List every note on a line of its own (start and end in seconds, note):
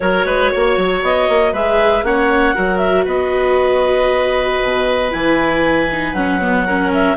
0.00 0.25 F#3
0.00 1.54 F#4
0.00 0.26 A#4
0.00 1.01 C#5
0.25 0.50 G#3
0.25 0.51 B4
0.51 0.77 A#3
0.51 1.53 C#5
0.77 1.02 F#3
1.02 1.28 B3
1.02 1.54 D#5
1.28 1.53 A#3
1.53 2.02 G#3
1.53 2.04 G#4
1.53 2.04 B4
1.53 2.04 E5
2.02 2.54 A#3
2.02 2.55 C#4
2.02 2.55 C#5
2.02 2.77 F#5
2.55 3.06 F#3
2.55 5.11 F#4
2.55 3.05 A#4
2.77 3.03 E5
3.05 4.59 B3
3.05 6.64 B4
3.05 5.12 D#5
4.62 5.13 B2
5.11 6.13 E3
5.11 5.87 E4
5.11 6.14 G#5
5.91 6.15 D#4
6.13 7.15 F#3
6.13 6.41 C#4
6.13 6.90 F#5
6.41 6.66 B3
6.66 7.17 C#4
6.66 7.17 A#4
6.93 7.17 E5